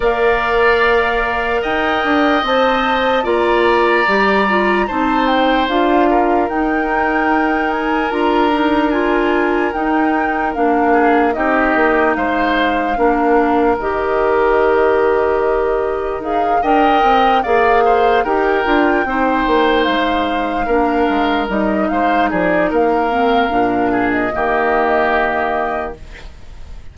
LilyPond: <<
  \new Staff \with { instrumentName = "flute" } { \time 4/4 \tempo 4 = 74 f''2 g''4 a''4 | ais''2 a''8 g''8 f''4 | g''4. gis''8 ais''4 gis''4 | g''4 f''4 dis''4 f''4~ |
f''4 dis''2. | f''8 g''4 f''4 g''4.~ | g''8 f''2 dis''8 f''8 d''8 | f''4.~ f''16 dis''2~ dis''16 | }
  \new Staff \with { instrumentName = "oboe" } { \time 4/4 d''2 dis''2 | d''2 c''4. ais'8~ | ais'1~ | ais'4. gis'8 g'4 c''4 |
ais'1~ | ais'8 dis''4 d''8 c''8 ais'4 c''8~ | c''4. ais'4. c''8 gis'8 | ais'4. gis'8 g'2 | }
  \new Staff \with { instrumentName = "clarinet" } { \time 4/4 ais'2. c''4 | f'4 g'8 f'8 dis'4 f'4 | dis'2 f'8 dis'8 f'4 | dis'4 d'4 dis'2 |
d'4 g'2. | gis'8 ais'4 gis'4 g'8 f'8 dis'8~ | dis'4. d'4 dis'4.~ | dis'8 c'8 d'4 ais2 | }
  \new Staff \with { instrumentName = "bassoon" } { \time 4/4 ais2 dis'8 d'8 c'4 | ais4 g4 c'4 d'4 | dis'2 d'2 | dis'4 ais4 c'8 ais8 gis4 |
ais4 dis2. | dis'8 d'8 c'8 ais4 dis'8 d'8 c'8 | ais8 gis4 ais8 gis8 g8 gis8 f8 | ais4 ais,4 dis2 | }
>>